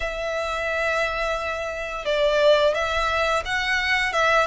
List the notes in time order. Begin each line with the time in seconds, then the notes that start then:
0.00 E5
2.05 D5
2.74 E5
3.45 F#5
4.13 E5